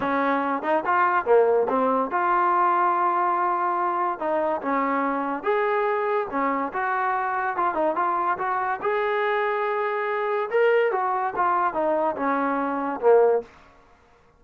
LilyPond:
\new Staff \with { instrumentName = "trombone" } { \time 4/4 \tempo 4 = 143 cis'4. dis'8 f'4 ais4 | c'4 f'2.~ | f'2 dis'4 cis'4~ | cis'4 gis'2 cis'4 |
fis'2 f'8 dis'8 f'4 | fis'4 gis'2.~ | gis'4 ais'4 fis'4 f'4 | dis'4 cis'2 ais4 | }